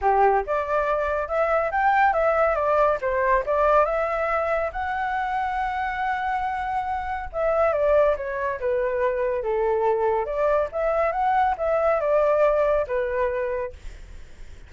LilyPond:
\new Staff \with { instrumentName = "flute" } { \time 4/4 \tempo 4 = 140 g'4 d''2 e''4 | g''4 e''4 d''4 c''4 | d''4 e''2 fis''4~ | fis''1~ |
fis''4 e''4 d''4 cis''4 | b'2 a'2 | d''4 e''4 fis''4 e''4 | d''2 b'2 | }